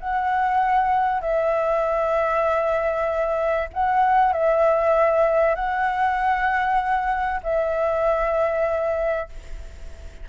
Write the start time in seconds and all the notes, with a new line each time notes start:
0.00 F#5
1.22 E5
3.73 F#5
4.33 E5
5.56 F#5
7.43 E5